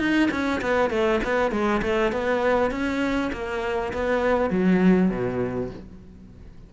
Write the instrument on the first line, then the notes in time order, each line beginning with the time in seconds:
cello
0.00 D#4
0.32 C#4
0.62 B3
0.91 A3
1.24 B3
1.52 G#3
1.83 A3
2.12 B3
2.72 C#4
3.33 A#3
3.94 B3
4.51 F#3
5.11 B2